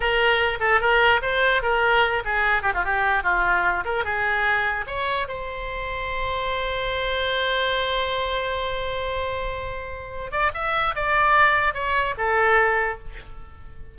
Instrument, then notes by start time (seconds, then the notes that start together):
oboe
0.00 A#4
0.60 A4
0.80 A#4
1.22 C5
1.62 A#4
2.25 G#4
2.62 G4
2.74 F4
2.84 G4
3.23 F4
3.85 A#4
4.04 G#4
4.86 C#5
5.28 C5
10.31 D5
10.54 E5
10.95 D5
11.74 C#5
12.17 A4